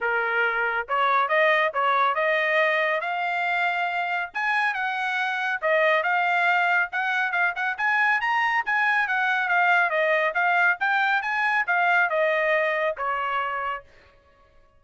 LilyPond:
\new Staff \with { instrumentName = "trumpet" } { \time 4/4 \tempo 4 = 139 ais'2 cis''4 dis''4 | cis''4 dis''2 f''4~ | f''2 gis''4 fis''4~ | fis''4 dis''4 f''2 |
fis''4 f''8 fis''8 gis''4 ais''4 | gis''4 fis''4 f''4 dis''4 | f''4 g''4 gis''4 f''4 | dis''2 cis''2 | }